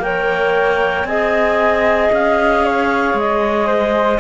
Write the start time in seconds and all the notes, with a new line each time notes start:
0.00 A#3 A#4 C#5 G5
1.05 C4 G#4 D#5 G#5
2.12 C#4 F5
2.65 C#5
3.14 G#3 D#5
3.67 C5